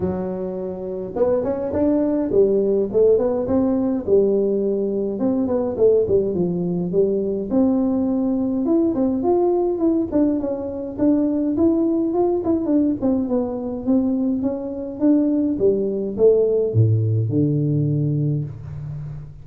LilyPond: \new Staff \with { instrumentName = "tuba" } { \time 4/4 \tempo 4 = 104 fis2 b8 cis'8 d'4 | g4 a8 b8 c'4 g4~ | g4 c'8 b8 a8 g8 f4 | g4 c'2 e'8 c'8 |
f'4 e'8 d'8 cis'4 d'4 | e'4 f'8 e'8 d'8 c'8 b4 | c'4 cis'4 d'4 g4 | a4 a,4 d2 | }